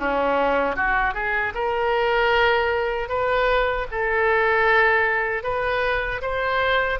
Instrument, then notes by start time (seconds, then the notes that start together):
oboe
0.00 C#4
0.77 F#4
1.15 G#4
1.55 A#4
3.09 B4
3.92 A4
5.44 B4
6.22 C5